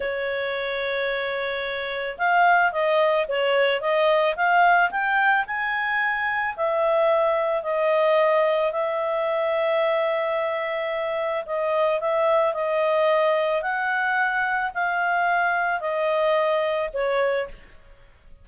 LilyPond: \new Staff \with { instrumentName = "clarinet" } { \time 4/4 \tempo 4 = 110 cis''1 | f''4 dis''4 cis''4 dis''4 | f''4 g''4 gis''2 | e''2 dis''2 |
e''1~ | e''4 dis''4 e''4 dis''4~ | dis''4 fis''2 f''4~ | f''4 dis''2 cis''4 | }